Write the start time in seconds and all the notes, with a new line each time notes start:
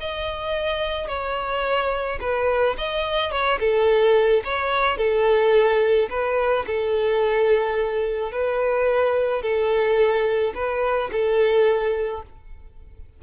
0.00 D#5
1.08 C#5
2.21 B4
2.78 D#5
3.32 C#5
3.60 A4
4.44 C#5
4.98 A4
6.10 B4
6.67 A4
8.32 B4
9.42 A4
10.55 B4
11.12 A4